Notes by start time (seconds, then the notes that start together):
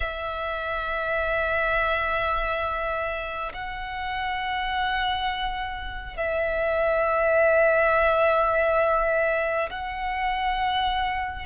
0.00 E5
3.53 F#5
6.16 E5
9.70 F#5